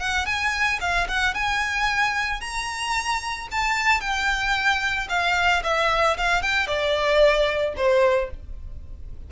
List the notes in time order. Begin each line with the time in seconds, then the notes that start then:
0.00 F#5
0.26 G#5
0.80 F5
1.08 F#5
1.34 G#5
2.41 A#5
3.51 A5
4.01 G5
5.09 F5
5.63 E5
6.17 F5
6.42 G5
6.67 D5
7.76 C5